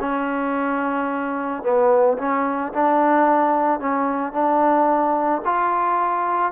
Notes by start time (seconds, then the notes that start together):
0.00 C#4
1.63 B3
2.18 C#4
2.72 D4
3.80 C#4
4.32 D4
5.45 F4